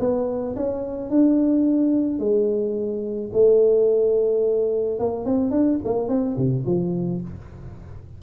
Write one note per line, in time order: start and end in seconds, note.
0.00 0.56 B3
0.56 1.10 C#4
1.10 2.20 D4
2.20 3.31 G#3
3.33 5.00 A3
5.00 5.26 A#3
5.26 5.51 C4
5.51 5.79 D4
5.85 6.09 A#3
6.09 6.37 C4
6.37 6.65 C3
6.66 7.22 F3